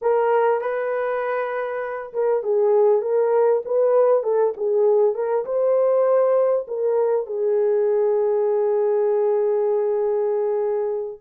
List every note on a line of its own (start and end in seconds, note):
0.01 0.61 A#4
0.61 2.12 B4
2.13 2.43 A#4
2.43 3.01 G#4
3.01 3.62 A#4
3.65 4.23 B4
4.23 4.53 A4
4.56 5.14 G#4
5.14 5.45 A#4
5.45 6.66 C5
6.67 7.26 A#4
7.26 11.20 G#4